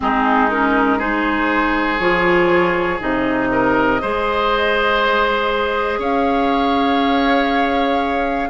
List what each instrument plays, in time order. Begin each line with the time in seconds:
0.00 bassoon G#3, clarinet C4, oboe D#4, flute G#4
0.50 clarinet C#4, flute A#4
0.98 clarinet D#4, oboe G#4, flute C5
1.99 bassoon F3, clarinet F4, flute C#5
2.99 bassoon C3, clarinet D#4, flute D#5
3.51 oboe A#4
4.01 bassoon G#3, clarinet G#4, oboe C5
5.98 bassoon C#4, oboe C#5, flute F5